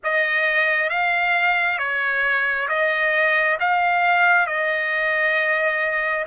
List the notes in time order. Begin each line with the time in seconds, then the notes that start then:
0.03 D#5
0.89 F5
1.78 C#5
2.68 D#5
3.59 F5
4.46 D#5